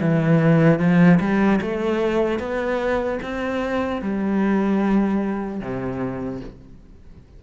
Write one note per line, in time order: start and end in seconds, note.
0.00 0.79 E3
0.79 1.19 F3
1.20 1.60 G3
1.61 2.39 A3
2.39 3.19 B3
3.22 4.01 C4
4.01 5.60 G3
5.60 6.40 C3